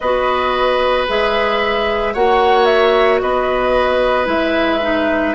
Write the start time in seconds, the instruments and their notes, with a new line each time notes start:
0.00 bassoon B3, clarinet F#4, oboe B4, flute D#5
1.08 bassoon G#3, clarinet G#4, flute E5
2.13 bassoon A#3, clarinet F#4, oboe C#5, flute F#5
2.65 flute E5
3.20 bassoon B3, oboe B4, flute D#5
4.25 bassoon G#3, clarinet E4, flute E5
4.82 clarinet D#4